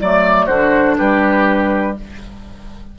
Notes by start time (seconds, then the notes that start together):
0.00 F#3 A3 D5
0.45 D3 D4 F#4 C5
0.98 G3 G4 B4